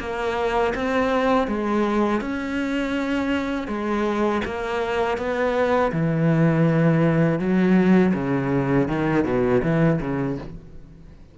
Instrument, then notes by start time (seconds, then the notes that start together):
cello
0.00 A#3
0.75 C4
1.48 G#3
2.21 C#4
3.68 G#3
4.45 A#3
5.18 B3
5.93 E3
7.39 F#3
8.14 C#3
8.88 D#3
9.25 B2
9.63 E3
10.01 C#3